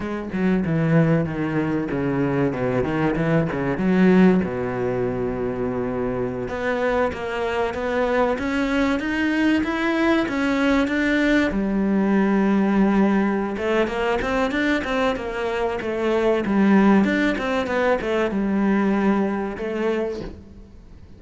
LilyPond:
\new Staff \with { instrumentName = "cello" } { \time 4/4 \tempo 4 = 95 gis8 fis8 e4 dis4 cis4 | b,8 dis8 e8 cis8 fis4 b,4~ | b,2~ b,16 b4 ais8.~ | ais16 b4 cis'4 dis'4 e'8.~ |
e'16 cis'4 d'4 g4.~ g16~ | g4. a8 ais8 c'8 d'8 c'8 | ais4 a4 g4 d'8 c'8 | b8 a8 g2 a4 | }